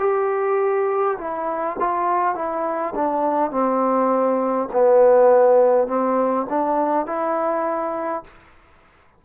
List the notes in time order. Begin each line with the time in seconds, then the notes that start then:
0.00 G4
1.18 E4
1.80 F4
2.35 E4
2.95 D4
3.51 C4
4.73 B3
5.88 C4
6.50 D4
7.07 E4